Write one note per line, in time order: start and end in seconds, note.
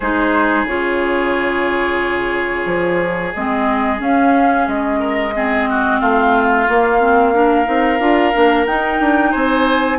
0.00 0.64 G#3
0.00 0.67 D#4
0.00 4.99 G#4
0.00 0.66 C5
0.64 2.64 C#3
0.64 3.34 F4
0.64 3.34 C#5
2.65 3.32 F3
3.34 4.00 G#3
3.34 3.97 C4
3.34 4.00 D#5
3.97 5.31 C#4
3.97 4.67 C#4
3.97 4.67 F5
4.67 6.00 G#3
4.67 5.99 D#5
4.99 5.33 A#4
5.35 6.67 C4
5.35 5.69 G#4
5.69 6.00 F#4
5.99 6.68 A3
5.99 7.33 F4
5.99 8.65 F5
6.67 7.00 A#3
6.67 7.67 A#3
7.00 7.33 C4
7.33 7.64 D4
7.33 9.31 A#4
7.64 7.99 C4
7.64 7.98 D#4
7.99 8.32 D4
7.99 8.32 F4
8.32 8.66 A#3
8.32 8.66 D4
8.65 8.99 D#4
8.65 9.99 D#4
8.65 9.32 G5
8.99 9.33 D4
9.31 9.99 C4
9.31 9.97 C5
9.31 9.99 G#5